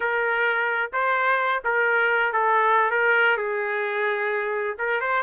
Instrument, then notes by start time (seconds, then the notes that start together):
trumpet
0.00 A#4
0.92 C5
1.64 A#4
2.32 A4
2.91 A#4
3.37 G#4
4.78 A#4
5.00 C5